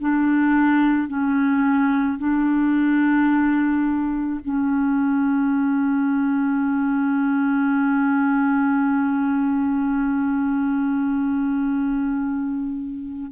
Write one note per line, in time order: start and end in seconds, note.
0.00 1.08 D4
1.08 2.18 C#4
2.18 4.40 D4
4.44 13.31 C#4